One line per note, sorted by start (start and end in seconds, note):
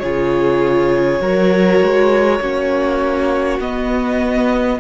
0.00 1.21 C#3
0.00 1.20 F4
0.00 1.21 G#4
0.00 3.60 C#5
1.20 1.80 F#3
1.20 2.40 F#4
1.20 2.41 A#4
1.82 2.40 G#3
2.40 3.60 A#3
2.40 3.61 C#4
2.40 4.80 F#4
3.60 4.80 B3
3.60 4.80 D#5